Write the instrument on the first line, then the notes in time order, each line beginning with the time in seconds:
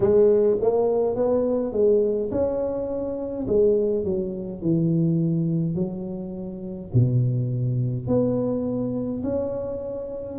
tuba
0.00 G#3
0.60 A#3
1.15 B3
1.72 G#3
2.31 C#4
3.47 G#3
4.04 F#3
4.62 E3
5.75 F#3
6.93 B2
8.07 B3
9.23 C#4